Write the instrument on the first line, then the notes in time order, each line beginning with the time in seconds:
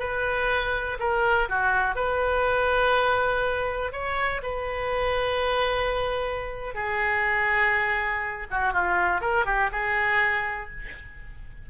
oboe
0.00 B4
1.00 A#4
1.49 F#4
1.96 B4
3.93 C#5
4.43 B4
6.75 G#4
8.51 F#4
8.73 F4
9.21 A#4
9.46 G4
9.72 G#4